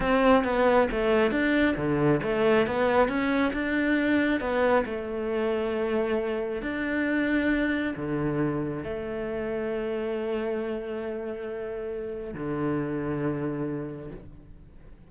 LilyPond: \new Staff \with { instrumentName = "cello" } { \time 4/4 \tempo 4 = 136 c'4 b4 a4 d'4 | d4 a4 b4 cis'4 | d'2 b4 a4~ | a2. d'4~ |
d'2 d2 | a1~ | a1 | d1 | }